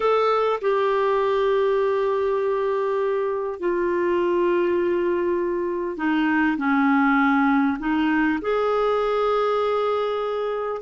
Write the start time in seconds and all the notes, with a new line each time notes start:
0.00 A4
0.61 G4
3.59 F4
5.97 D#4
6.57 C#4
7.79 D#4
8.41 G#4